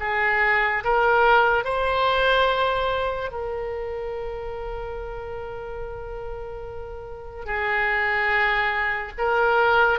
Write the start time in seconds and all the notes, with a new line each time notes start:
0.00 G#4
0.83 A#4
1.64 C5
3.31 A#4
7.45 G#4
9.17 A#4